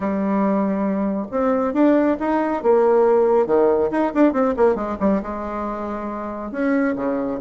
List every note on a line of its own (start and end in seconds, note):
0.00 1.26 G3
1.31 1.73 C4
1.73 2.17 D4
2.19 2.62 D#4
2.62 3.46 A#3
3.46 3.90 D#3
3.90 4.12 D#4
4.14 4.32 D4
4.32 4.54 C4
4.57 4.75 A#3
4.75 4.96 G#3
5.00 5.22 G3
5.22 6.51 G#3
6.51 6.95 C#4
6.95 7.39 C#3